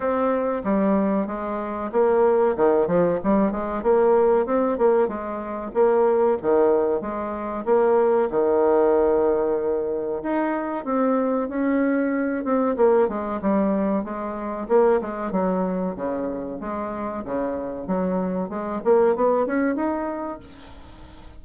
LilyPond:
\new Staff \with { instrumentName = "bassoon" } { \time 4/4 \tempo 4 = 94 c'4 g4 gis4 ais4 | dis8 f8 g8 gis8 ais4 c'8 ais8 | gis4 ais4 dis4 gis4 | ais4 dis2. |
dis'4 c'4 cis'4. c'8 | ais8 gis8 g4 gis4 ais8 gis8 | fis4 cis4 gis4 cis4 | fis4 gis8 ais8 b8 cis'8 dis'4 | }